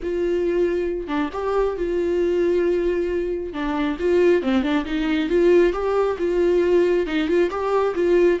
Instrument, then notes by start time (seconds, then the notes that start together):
viola
0.02 F4
1.07 D4
1.33 G4
1.76 F4
3.53 D4
3.99 F4
4.42 C4
4.62 D4
4.85 D#4
5.29 F4
5.73 G4
6.18 F4
7.06 D#4
7.28 F4
7.50 G4
7.95 F4